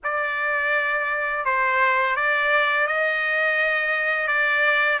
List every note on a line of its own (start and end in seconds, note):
0.03 1.44 D5
1.44 2.16 C5
2.16 2.87 D5
2.87 4.27 D#5
4.27 4.99 D5